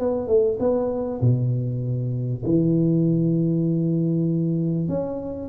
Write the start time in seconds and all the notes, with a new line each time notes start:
0.00 B3
0.28 A3
0.60 B3
1.21 B2
2.45 E3
4.89 C#4